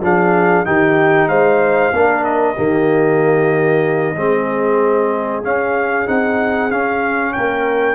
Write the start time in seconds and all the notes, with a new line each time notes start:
0.00 F3 D4 G#4 F5
0.65 D#3 D#4 G4 G5
1.28 G#3 C5 F5
1.92 A#3 D4 A#4
2.24 D#5
2.55 D#3 A#3 G4
4.15 G#3 C4 G#4
5.43 C#4 F5
6.07 C4 D#4 F#5
6.70 C#4 F5
7.33 A#3 A#4 G5